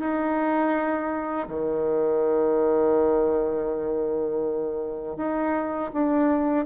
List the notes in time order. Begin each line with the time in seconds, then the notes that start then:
0.00 D#4
1.48 D#3
5.17 D#4
5.94 D4